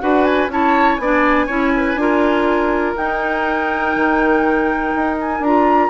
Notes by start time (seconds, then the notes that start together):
0.00 D4 F#4 B4 F#5
0.24 G#5
0.48 C#4 E4 C#5 A5
0.96 B3 D5 G#5
1.02 D4
1.46 C#4 E4 C#5
1.77 B4
1.96 D4 F4 A#4
2.96 D#4 G5
3.95 D#3
4.95 D#4
5.20 G#5
5.40 D4 F4 A#5